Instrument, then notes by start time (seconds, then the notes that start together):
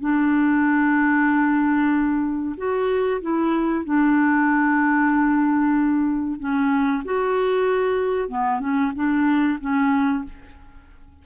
clarinet
0.00 D4
2.57 F#4
3.21 E4
3.84 D4
6.39 C#4
7.04 F#4
8.28 B3
8.59 C#4
8.94 D4
9.60 C#4